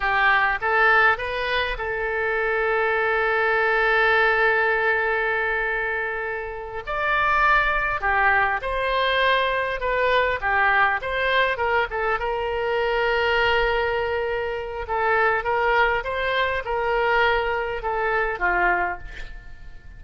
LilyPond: \new Staff \with { instrumentName = "oboe" } { \time 4/4 \tempo 4 = 101 g'4 a'4 b'4 a'4~ | a'1~ | a'2.~ a'8 d''8~ | d''4. g'4 c''4.~ |
c''8 b'4 g'4 c''4 ais'8 | a'8 ais'2.~ ais'8~ | ais'4 a'4 ais'4 c''4 | ais'2 a'4 f'4 | }